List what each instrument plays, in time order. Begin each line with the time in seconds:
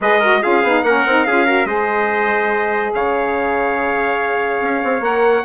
0.00 bassoon G#3, saxophone G#4, trumpet B4 D#5
0.19 saxophone F#4, trumpet A#4
0.41 bassoon C#4, saxophone F4, trumpet G#4 F5
0.62 bassoon B3, saxophone D#4
0.83 bassoon A#3, saxophone C#4, trumpet A#4 F#5
1.06 bassoon C4, saxophone D#4
1.24 bassoon C#4, saxophone F4, trumpet G#4 F5
1.45 saxophone F#4, trumpet A#4
1.65 bassoon G#3, saxophone G#4, trumpet C5 D#5
2.94 bassoon C#3, trumpet C#5 F5
4.60 bassoon C#4
4.83 bassoon C4
5.00 bassoon A#3, saxophone A#4, trumpet F#5